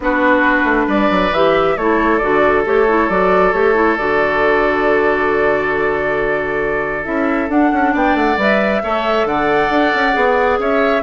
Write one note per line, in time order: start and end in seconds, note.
0.00 0.64 B3
0.00 1.33 D4
0.00 0.86 F#4
0.00 0.89 B4
0.64 0.86 A3
0.86 1.09 G3
0.86 1.75 B4
0.86 1.33 D5
1.10 1.31 F#3
1.31 1.75 E3
1.31 1.78 G4
1.31 1.77 E5
1.76 2.20 A3
1.76 2.20 E4
1.76 7.93 A4
1.76 2.18 C#5
2.18 2.66 D3
2.18 2.64 F#4
2.18 2.62 D5
2.64 3.09 A3
2.64 2.86 G4
2.64 3.09 C#5
2.88 3.10 E4
3.09 3.53 F#3
3.09 3.53 F#4
3.09 3.52 D5
3.52 3.97 A3
3.52 3.75 G4
3.52 3.96 C#5
3.75 3.97 E4
3.97 7.06 D3
3.97 7.04 F#4
3.97 7.05 D5
7.04 7.48 C#4
7.04 7.48 E4
7.04 7.49 E5
7.48 7.70 D4
7.48 8.37 D4
7.48 7.94 F#5
7.72 7.94 C#4
7.93 8.14 B3
7.93 8.82 D5
7.93 8.15 G5
8.14 8.36 A3
8.14 8.37 F#5
8.37 8.81 G3
8.37 8.82 B4
8.37 9.26 E5
8.82 9.24 A3
8.82 10.13 A4
8.82 9.27 C#5
9.24 9.69 D3
9.24 10.59 D5
9.24 10.59 F#5
9.70 9.92 D4
9.94 10.15 C#4
10.13 10.58 B3
10.13 11.01 G#4
10.58 11.02 C#4
10.58 11.02 C#5
10.58 11.02 E5